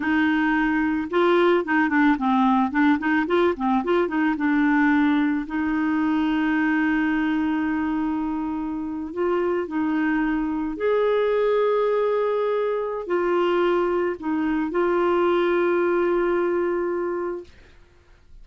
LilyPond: \new Staff \with { instrumentName = "clarinet" } { \time 4/4 \tempo 4 = 110 dis'2 f'4 dis'8 d'8 | c'4 d'8 dis'8 f'8 c'8 f'8 dis'8 | d'2 dis'2~ | dis'1~ |
dis'8. f'4 dis'2 gis'16~ | gis'1 | f'2 dis'4 f'4~ | f'1 | }